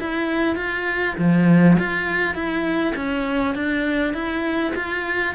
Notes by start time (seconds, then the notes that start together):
0.00 E4
0.56 F4
1.18 F3
1.78 F4
2.34 E4
2.96 C#4
3.55 D4
4.14 E4
4.76 F4